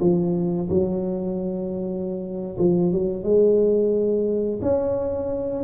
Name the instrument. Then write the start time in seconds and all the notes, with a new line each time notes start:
tuba
0.00 F3
0.69 F#3
2.58 F3
2.92 F#3
3.23 G#3
4.61 C#4